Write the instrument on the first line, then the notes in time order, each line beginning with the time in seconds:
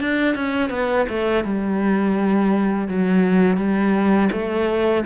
cello
0.00 D4
0.35 C#4
0.70 B3
1.09 A3
1.44 G3
2.88 F#3
3.57 G3
4.32 A3